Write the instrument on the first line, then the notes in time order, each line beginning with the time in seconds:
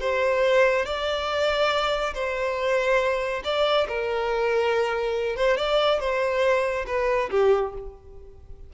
violin
0.00 C5
0.85 D5
2.14 C5
3.44 D5
3.88 A#4
5.36 C5
5.56 D5
5.99 C5
6.86 B4
7.30 G4